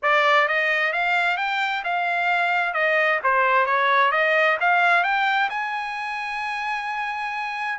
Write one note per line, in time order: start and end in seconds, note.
0.02 0.47 D5
0.47 0.92 D#5
0.92 1.37 F5
1.37 1.83 G5
1.84 2.73 F5
2.73 3.19 D#5
3.23 3.66 C5
3.66 4.11 C#5
4.11 4.57 D#5
4.60 5.03 F5
5.03 5.49 G5
5.49 7.78 G#5